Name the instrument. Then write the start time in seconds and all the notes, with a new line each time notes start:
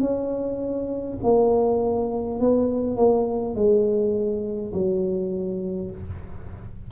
tuba
0.00 C#4
1.22 A#3
2.40 B3
2.96 A#3
3.55 G#3
4.73 F#3